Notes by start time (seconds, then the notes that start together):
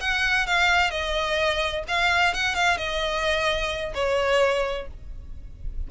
0.00 F#5
0.46 F5
0.90 D#5
1.88 F5
2.34 F#5
2.55 F5
2.77 D#5
3.94 C#5